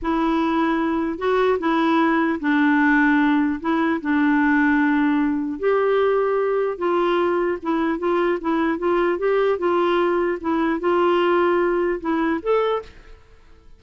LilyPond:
\new Staff \with { instrumentName = "clarinet" } { \time 4/4 \tempo 4 = 150 e'2. fis'4 | e'2 d'2~ | d'4 e'4 d'2~ | d'2 g'2~ |
g'4 f'2 e'4 | f'4 e'4 f'4 g'4 | f'2 e'4 f'4~ | f'2 e'4 a'4 | }